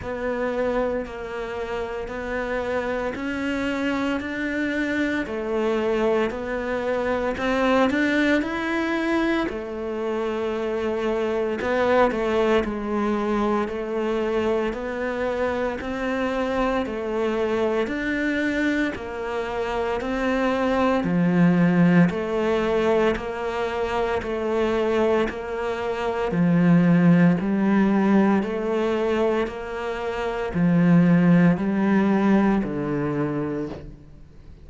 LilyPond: \new Staff \with { instrumentName = "cello" } { \time 4/4 \tempo 4 = 57 b4 ais4 b4 cis'4 | d'4 a4 b4 c'8 d'8 | e'4 a2 b8 a8 | gis4 a4 b4 c'4 |
a4 d'4 ais4 c'4 | f4 a4 ais4 a4 | ais4 f4 g4 a4 | ais4 f4 g4 d4 | }